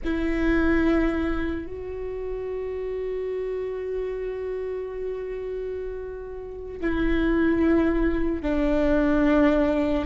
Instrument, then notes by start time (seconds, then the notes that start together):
viola
0.04 E4
1.66 F#4
6.80 E4
8.42 D4